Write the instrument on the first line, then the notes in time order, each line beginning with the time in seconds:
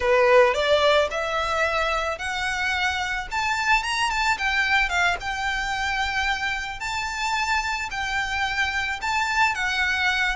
violin
0.00 B4
0.54 D5
1.11 E5
2.18 F#5
3.31 A5
3.83 A#5
4.10 A5
4.38 G5
4.89 F5
5.20 G5
6.80 A5
7.90 G5
9.01 A5
9.54 F#5